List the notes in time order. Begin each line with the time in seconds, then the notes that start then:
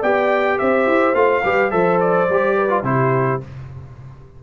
0.00 B3 G4 D5 G5
0.58 C4 C5 E5
0.87 E4
1.14 A3 F4 F5
1.44 G3 G4 B4
1.71 F3 A4 C5 E5
2.00 D5
2.29 G3 G4
2.56 B4
2.69 F4
2.83 C3 E4 G4 C5